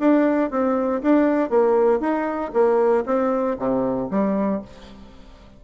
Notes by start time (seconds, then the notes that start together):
0.00 D4
0.51 C4
1.03 D4
1.50 A#3
2.00 D#4
2.54 A#3
3.06 C4
3.59 C3
4.11 G3